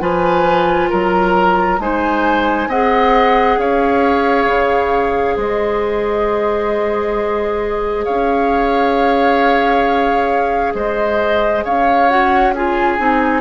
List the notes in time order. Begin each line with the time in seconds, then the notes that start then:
0.00 F3 F4 B4 G#5
0.90 F#3 A#4 A#5
1.79 G#3 D#4 C5 G#5
2.67 C4 G#4 D#5 F#5
3.57 C#4 C#5 F5
4.46 C#3
5.36 G#3 C5 D#5
8.05 C#4 C#5 F5
10.74 G#3 C5 D#5
11.64 C#4 C#5 F5
12.09 F#4 F#5
12.54 F4 G#4 G#5
12.99 C4 D#4